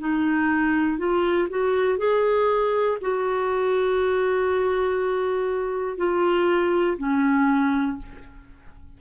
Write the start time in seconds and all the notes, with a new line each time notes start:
0.00 D#4
0.98 F4
1.50 F#4
1.98 G#4
3.01 F#4
5.97 F4
6.98 C#4